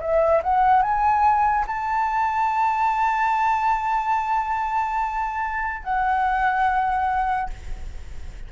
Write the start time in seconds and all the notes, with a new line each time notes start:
0.00 E5
0.43 F#5
0.82 G#5
1.67 A5
5.83 F#5